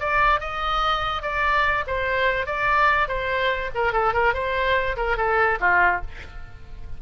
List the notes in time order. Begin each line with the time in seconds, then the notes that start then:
0.00 D5
0.40 D#5
1.22 D5
1.87 C5
2.46 D5
3.08 C5
3.75 A#4
3.93 A4
4.14 A#4
4.34 C5
4.97 A#4
5.17 A4
5.60 F4